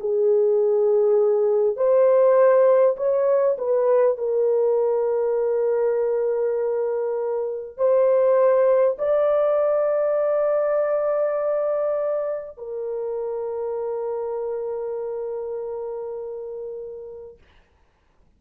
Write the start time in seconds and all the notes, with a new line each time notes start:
0.00 G#4
1.76 C5
2.97 C#5
3.58 B4
4.18 A#4
7.77 C5
8.98 D5
12.57 A#4